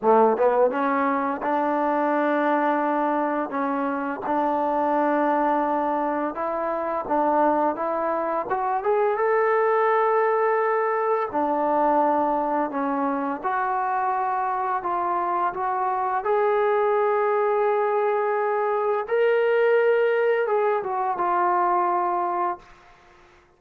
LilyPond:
\new Staff \with { instrumentName = "trombone" } { \time 4/4 \tempo 4 = 85 a8 b8 cis'4 d'2~ | d'4 cis'4 d'2~ | d'4 e'4 d'4 e'4 | fis'8 gis'8 a'2. |
d'2 cis'4 fis'4~ | fis'4 f'4 fis'4 gis'4~ | gis'2. ais'4~ | ais'4 gis'8 fis'8 f'2 | }